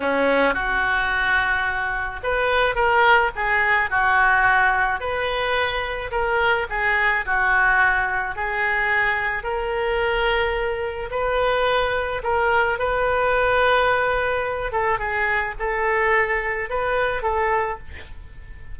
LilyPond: \new Staff \with { instrumentName = "oboe" } { \time 4/4 \tempo 4 = 108 cis'4 fis'2. | b'4 ais'4 gis'4 fis'4~ | fis'4 b'2 ais'4 | gis'4 fis'2 gis'4~ |
gis'4 ais'2. | b'2 ais'4 b'4~ | b'2~ b'8 a'8 gis'4 | a'2 b'4 a'4 | }